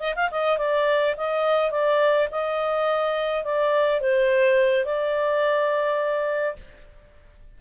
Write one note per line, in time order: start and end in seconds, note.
0.00 0.14 D#5
0.16 0.30 F5
0.31 0.58 D#5
0.58 1.15 D5
1.17 1.71 D#5
1.71 2.28 D5
2.31 3.44 D#5
3.44 4.01 D5
4.01 4.85 C5
4.85 6.57 D5